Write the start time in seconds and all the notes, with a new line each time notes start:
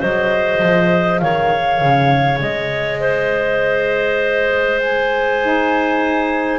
0.00 F#3 G#4 C5 D#5
0.62 F3
1.19 D#3 C#5 F5
1.81 C#3
2.41 G#3 D#5
3.01 C5
4.80 G#5
5.41 D#4